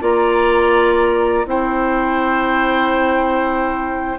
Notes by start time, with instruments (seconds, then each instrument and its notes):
0.00 bassoon A#3, clarinet F4, oboe D5, flute A#5
1.45 bassoon C4, clarinet E4, oboe C5, flute G5